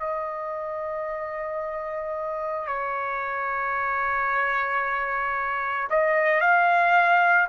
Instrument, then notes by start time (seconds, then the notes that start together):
trumpet
0.00 D#5
2.67 C#5
5.91 D#5
6.41 F5